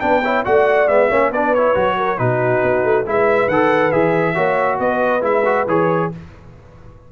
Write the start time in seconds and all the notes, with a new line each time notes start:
0.00 B3 D4 B4 G5
0.23 E4 C#5
0.45 A3 F#4 D5 F#5
0.87 G#3 B3 E5
1.09 A#3 C#4 C#5
1.31 B3 D4 B4 D5
1.54 E4 C#5
1.74 F#3 F#4
1.97 A#4
2.18 B2 D#4 F#4 B4
2.63 B3
2.84 A3
3.06 G#3 E4 B4 E5
3.48 D#3 A4 F#5
3.91 E3 G#4 E5
4.35 A#3 F#4 C#5
4.79 B3 B4 D#5
5.21 G#3 E4 E5
5.45 F#4
5.66 E3 G#4 C#5